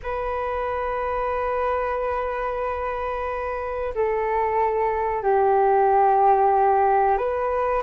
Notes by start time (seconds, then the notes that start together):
0.02 B4
3.95 A4
5.22 G4
7.17 B4